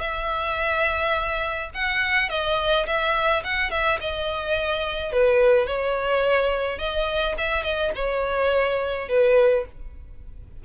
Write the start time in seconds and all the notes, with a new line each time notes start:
0.00 E5
1.74 F#5
2.29 D#5
2.86 E5
3.43 F#5
3.70 E5
4.00 D#5
5.12 B4
5.66 C#5
6.78 D#5
7.37 E5
7.63 D#5
7.95 C#5
9.08 B4